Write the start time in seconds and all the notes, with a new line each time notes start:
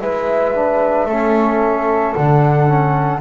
0.00 G#3 E4 B4 E5
0.55 D4
1.05 A3 C#4 A4
2.13 D3 D4 F#5
2.67 C#4